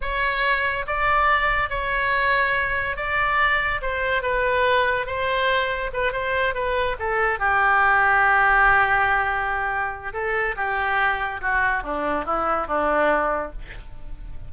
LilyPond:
\new Staff \with { instrumentName = "oboe" } { \time 4/4 \tempo 4 = 142 cis''2 d''2 | cis''2. d''4~ | d''4 c''4 b'2 | c''2 b'8 c''4 b'8~ |
b'8 a'4 g'2~ g'8~ | g'1 | a'4 g'2 fis'4 | d'4 e'4 d'2 | }